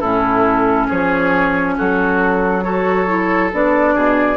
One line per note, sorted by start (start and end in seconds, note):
0.00 0.89 A2
0.00 2.62 C#4
0.00 0.87 E4
0.00 0.87 A4
0.87 1.78 F3
0.87 1.74 G#4
0.87 1.77 C#5
1.77 3.53 F#3
1.77 2.64 F#4
1.77 2.63 A4
2.63 3.07 F#4
2.63 3.95 A4
2.63 3.50 C#5
3.07 3.50 E4
3.53 3.95 B3
3.53 4.37 D4
3.53 4.37 D5
3.95 4.37 B2
3.95 4.37 G#4